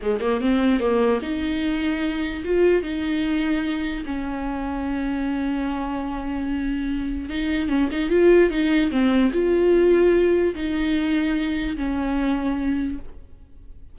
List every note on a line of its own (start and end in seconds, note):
0.01 0.20 G#3
0.20 0.41 A#3
0.41 0.79 C4
0.79 1.20 A#3
1.22 2.43 D#4
2.44 2.82 F4
2.82 4.04 D#4
4.05 7.29 C#4
7.29 7.68 D#4
7.68 7.89 C#4
7.91 8.09 D#4
8.09 8.50 F4
8.50 8.90 D#4
8.91 9.31 C4
9.32 10.54 F4
10.54 11.76 D#4
11.76 12.98 C#4